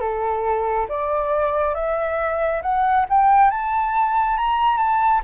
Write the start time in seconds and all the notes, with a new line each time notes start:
0.00 A4
0.89 D5
1.74 E5
2.62 F#5
3.09 G5
3.51 A5
4.37 A#5
4.77 A5